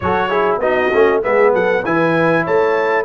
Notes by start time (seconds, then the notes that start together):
0.00 F#3 F#4 A4 C#5
0.29 E4 G#4
0.59 B3 D#4 F#4 D#5
0.93 A3 C#4
1.22 G#3 B3 G#4 E5
1.53 F#3 A4 F#5
1.84 E3 E4 B4 G#5
2.43 A3 C#5 A5